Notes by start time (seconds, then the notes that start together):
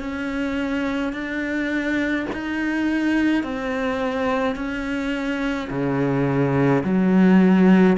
0.00 C#4
1.13 D4
2.33 D#4
3.43 C4
4.55 C#4
5.70 C#3
6.83 F#3